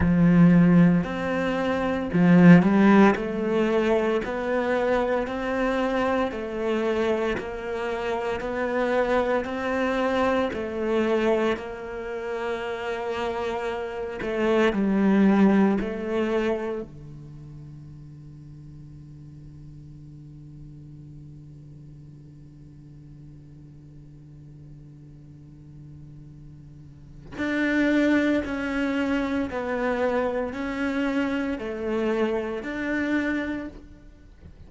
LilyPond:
\new Staff \with { instrumentName = "cello" } { \time 4/4 \tempo 4 = 57 f4 c'4 f8 g8 a4 | b4 c'4 a4 ais4 | b4 c'4 a4 ais4~ | ais4. a8 g4 a4 |
d1~ | d1~ | d2 d'4 cis'4 | b4 cis'4 a4 d'4 | }